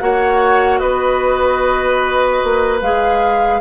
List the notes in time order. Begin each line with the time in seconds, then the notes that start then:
0.00 A#3 F#4 C#5 F#5
0.79 B3 B4 D#5
2.44 A#3
2.82 G#3 G#4 F5